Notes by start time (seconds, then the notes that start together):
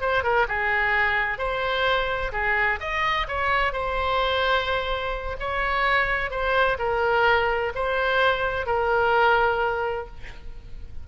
0.00 C5
0.23 A#4
0.48 G#4
1.38 C5
2.32 G#4
2.80 D#5
3.27 C#5
3.72 C5
5.39 C#5
6.30 C5
6.78 A#4
7.75 C5
8.66 A#4